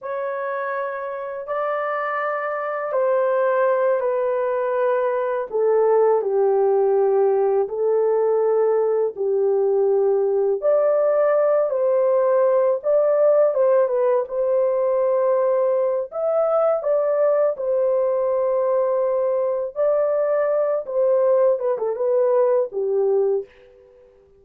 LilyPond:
\new Staff \with { instrumentName = "horn" } { \time 4/4 \tempo 4 = 82 cis''2 d''2 | c''4. b'2 a'8~ | a'8 g'2 a'4.~ | a'8 g'2 d''4. |
c''4. d''4 c''8 b'8 c''8~ | c''2 e''4 d''4 | c''2. d''4~ | d''8 c''4 b'16 a'16 b'4 g'4 | }